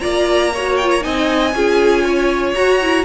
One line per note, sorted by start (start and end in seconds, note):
0.00 1.05 A#3
0.00 0.51 F4
0.00 0.52 D5
0.00 0.76 A#5
0.54 0.82 F#4
0.54 1.04 C#5
0.77 1.01 F4
0.77 0.89 G5
0.91 1.03 A#5
1.01 1.54 C4
1.01 1.51 D#4
1.01 1.55 D#5
1.01 2.54 G#5
1.54 2.55 C#4
1.54 2.55 F4
1.54 2.04 G#4
2.04 3.05 C#5
2.55 2.81 F#4
2.55 3.05 F#4
2.55 3.05 A#5
2.82 3.05 E4